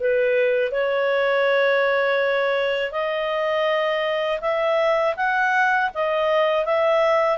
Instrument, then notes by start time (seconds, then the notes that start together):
clarinet
0.00 B4
0.72 C#5
2.92 D#5
4.41 E5
5.16 F#5
5.95 D#5
6.65 E5